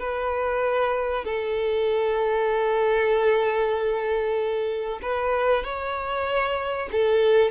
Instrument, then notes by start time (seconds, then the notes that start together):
violin
0.00 B4
1.25 A4
5.03 B4
5.64 C#5
6.92 A4